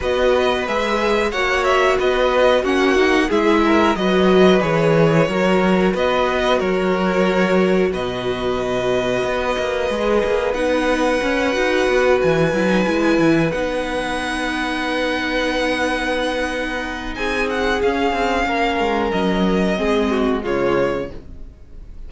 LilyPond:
<<
  \new Staff \with { instrumentName = "violin" } { \time 4/4 \tempo 4 = 91 dis''4 e''4 fis''8 e''8 dis''4 | fis''4 e''4 dis''4 cis''4~ | cis''4 dis''4 cis''2 | dis''1 |
fis''2~ fis''8 gis''4.~ | gis''8 fis''2.~ fis''8~ | fis''2 gis''8 fis''8 f''4~ | f''4 dis''2 cis''4 | }
  \new Staff \with { instrumentName = "violin" } { \time 4/4 b'2 cis''4 b'4 | fis'4 gis'8 ais'8 b'2 | ais'4 b'4 ais'2 | b'1~ |
b'1~ | b'1~ | b'2 gis'2 | ais'2 gis'8 fis'8 f'4 | }
  \new Staff \with { instrumentName = "viola" } { \time 4/4 fis'4 gis'4 fis'2 | cis'8 dis'8 e'4 fis'4 gis'4 | fis'1~ | fis'2. gis'4 |
dis'4 cis'8 fis'4. e'16 dis'16 e'8~ | e'8 dis'2.~ dis'8~ | dis'2. cis'4~ | cis'2 c'4 gis4 | }
  \new Staff \with { instrumentName = "cello" } { \time 4/4 b4 gis4 ais4 b4 | ais4 gis4 fis4 e4 | fis4 b4 fis2 | b,2 b8 ais8 gis8 ais8 |
b4 cis'8 dis'8 b8 e8 fis8 gis8 | e8 b2.~ b8~ | b2 c'4 cis'8 c'8 | ais8 gis8 fis4 gis4 cis4 | }
>>